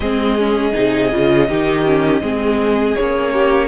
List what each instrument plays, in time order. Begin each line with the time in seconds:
0.00 cello G#3, viola C4, violin G#4 D#5
0.38 viola C#4
0.73 cello C3, viola D#4
1.11 cello C#3, viola F4
1.48 cello D#3, viola D#4, violin G4
1.85 viola C#4
2.21 cello G#3, viola C4, violin G#4
2.95 cello A#3, viola C#4, violin C#5
3.33 violin G4